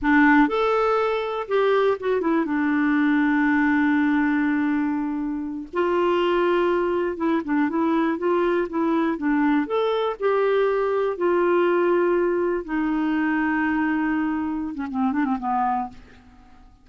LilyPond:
\new Staff \with { instrumentName = "clarinet" } { \time 4/4 \tempo 4 = 121 d'4 a'2 g'4 | fis'8 e'8 d'2.~ | d'2.~ d'8 f'8~ | f'2~ f'8 e'8 d'8 e'8~ |
e'8 f'4 e'4 d'4 a'8~ | a'8 g'2 f'4.~ | f'4. dis'2~ dis'8~ | dis'4.~ dis'16 cis'16 c'8 d'16 c'16 b4 | }